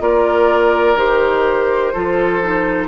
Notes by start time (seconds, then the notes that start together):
0.00 A#3 F4 A#4 D5
0.96 D#3 G4 C5
1.94 F3 F4 A4
2.43 D#4